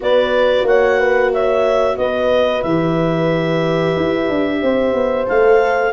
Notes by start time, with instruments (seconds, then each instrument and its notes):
0.00 tuba B3, viola F#4, horn B4, clarinet D5
0.63 tuba A#3, horn C#5, clarinet F#5
0.99 horn B4
1.33 horn C#5, clarinet E5
1.97 tuba B3, horn B4, clarinet D#5
2.62 tuba E3, viola G4, clarinet E5
3.96 tuba E4
4.29 tuba D4
4.61 tuba C4, horn C5
4.93 tuba B3
5.26 tuba A3, viola A4, clarinet F5